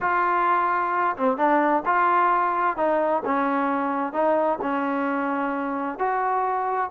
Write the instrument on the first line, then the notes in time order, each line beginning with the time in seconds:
trombone
0.00 F4
1.16 C4
1.37 D4
1.85 F4
2.76 D#4
3.25 C#4
4.12 D#4
4.61 C#4
5.99 F#4